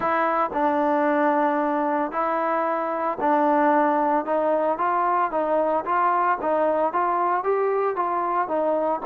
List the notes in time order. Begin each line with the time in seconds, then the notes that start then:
0.00 E4
0.53 D4
2.11 E4
3.20 D4
4.25 D#4
4.78 F4
5.31 D#4
5.85 F4
6.41 D#4
6.92 F4
7.43 G4
7.95 F4
8.47 D#4